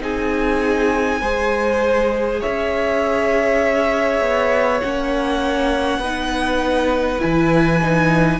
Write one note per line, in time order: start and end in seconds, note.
0.00 1.20 C4
0.00 1.20 D#4
0.00 1.21 G#4
0.00 2.42 G#5
1.20 2.40 G#3
1.20 4.83 G#4
1.20 2.40 C5
2.40 4.21 C#4
2.40 5.99 C#5
2.40 4.80 E5
4.21 4.80 B3
4.80 5.98 A#3
4.80 6.03 C#4
4.80 7.21 F#5
5.98 7.18 B3
5.98 7.19 D#4
5.98 8.39 B4
7.19 8.39 E3
7.19 7.79 E4
7.19 8.39 G#5
7.82 8.39 D#4